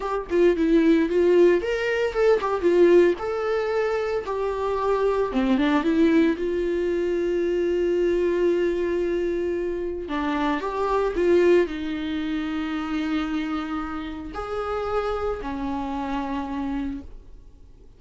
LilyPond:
\new Staff \with { instrumentName = "viola" } { \time 4/4 \tempo 4 = 113 g'8 f'8 e'4 f'4 ais'4 | a'8 g'8 f'4 a'2 | g'2 c'8 d'8 e'4 | f'1~ |
f'2. d'4 | g'4 f'4 dis'2~ | dis'2. gis'4~ | gis'4 cis'2. | }